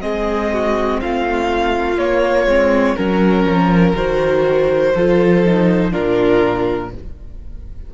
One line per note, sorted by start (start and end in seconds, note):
0.00 1.02 G#3
0.00 1.97 C4
0.00 0.52 G#4
0.00 1.00 D#5
0.53 1.02 F#4
1.02 1.98 A3
1.02 2.97 F4
1.02 1.99 F5
1.98 2.47 A#3
1.98 2.48 A#3
1.98 2.96 C#5
2.47 2.96 G#3
2.47 2.97 C4
2.96 3.45 F#3
2.96 3.96 C#4
2.96 3.95 A#4
2.96 4.93 A#4
3.45 3.95 F3
3.95 4.94 D#3
3.95 4.95 F#4
3.95 5.93 C5
4.95 5.94 F3
4.95 5.46 F4
4.95 5.91 A4
5.46 5.92 D#4
5.91 6.94 A#2
5.91 6.90 D4
5.91 6.90 F4
5.91 6.91 A#4